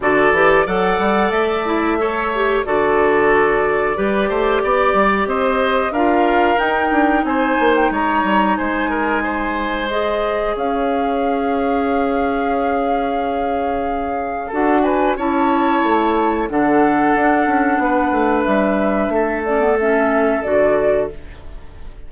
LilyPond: <<
  \new Staff \with { instrumentName = "flute" } { \time 4/4 \tempo 4 = 91 d''4 fis''4 e''2 | d''1 | dis''4 f''4 g''4 gis''8. g''16 | ais''4 gis''2 dis''4 |
f''1~ | f''2 fis''8 gis''8 a''4~ | a''4 fis''2. | e''4. d''8 e''4 d''4 | }
  \new Staff \with { instrumentName = "oboe" } { \time 4/4 a'4 d''2 cis''4 | a'2 b'8 c''8 d''4 | c''4 ais'2 c''4 | cis''4 c''8 ais'8 c''2 |
cis''1~ | cis''2 a'8 b'8 cis''4~ | cis''4 a'2 b'4~ | b'4 a'2. | }
  \new Staff \with { instrumentName = "clarinet" } { \time 4/4 fis'8 g'8 a'4. e'8 a'8 g'8 | fis'2 g'2~ | g'4 f'4 dis'2~ | dis'2. gis'4~ |
gis'1~ | gis'2 fis'4 e'4~ | e'4 d'2.~ | d'4. cis'16 b16 cis'4 fis'4 | }
  \new Staff \with { instrumentName = "bassoon" } { \time 4/4 d8 e8 fis8 g8 a2 | d2 g8 a8 b8 g8 | c'4 d'4 dis'8 d'8 c'8 ais8 | gis8 g8 gis2. |
cis'1~ | cis'2 d'4 cis'4 | a4 d4 d'8 cis'8 b8 a8 | g4 a2 d4 | }
>>